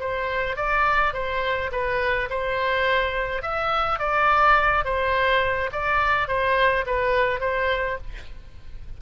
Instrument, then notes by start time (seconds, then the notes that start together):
oboe
0.00 C5
0.56 D5
1.14 C5
1.72 B4
2.30 C5
3.42 E5
3.99 D5
4.84 C5
5.72 D5
6.28 C5
6.86 B4
7.40 C5